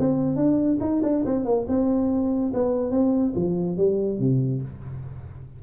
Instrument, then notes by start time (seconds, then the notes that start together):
tuba
0.00 C4
0.36 D4
0.81 D#4
1.04 D4
1.26 C4
1.45 A#3
1.69 C4
2.54 B3
2.92 C4
3.36 F3
3.78 G3
4.20 C3